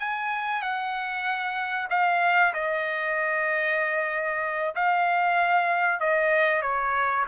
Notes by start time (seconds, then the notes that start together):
0.00 G#5
0.62 F#5
1.91 F5
2.54 D#5
4.76 F5
6.00 D#5
6.62 C#5